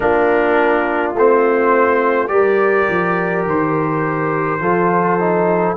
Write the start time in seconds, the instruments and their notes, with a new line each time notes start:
0.00 tuba A#3, trombone D4, horn F4, trumpet A#4
1.14 tuba A3, trombone C4, trumpet C5
2.28 tuba G3, trombone G4, horn A#4, trumpet D5
2.88 tuba F3
3.45 tuba D#3, trumpet C5
4.60 tuba F3, trombone F4, horn A4
5.19 trombone D#4